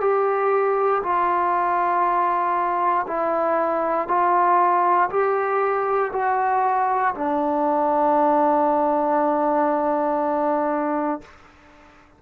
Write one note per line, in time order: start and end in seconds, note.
0.00 1.02 G4
1.03 3.06 F4
3.07 4.08 E4
4.08 5.09 F4
5.09 6.11 G4
6.12 7.14 F#4
7.15 11.21 D4